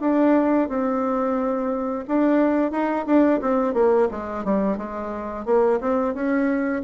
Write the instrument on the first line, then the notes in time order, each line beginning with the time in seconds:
bassoon
0.00 D4
0.68 C4
2.07 D4
2.71 D#4
3.06 D4
3.41 C4
3.73 A#3
4.11 G#3
4.44 G3
4.77 G#3
5.45 A#3
5.80 C4
6.14 C#4